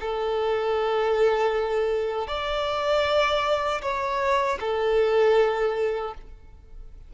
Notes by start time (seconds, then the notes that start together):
0.00 A4
2.27 D5
3.82 C#5
4.60 A4